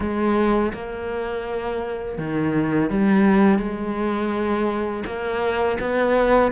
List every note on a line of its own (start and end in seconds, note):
0.00 0.72 G#3
0.73 2.18 A#3
2.18 2.89 D#3
2.89 3.58 G3
3.58 5.03 G#3
5.05 5.78 A#3
5.80 6.51 B3